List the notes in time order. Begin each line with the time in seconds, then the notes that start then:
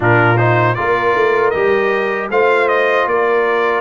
0.00 A#2 D4 F4 A#4
0.37 D#4 C5
0.74 A#3 F4 A#4 D5
1.15 A3
1.50 G3 G4 D#5
2.30 A3 F4 C5 F5
2.68 D#5
3.06 A#3 A#4 D5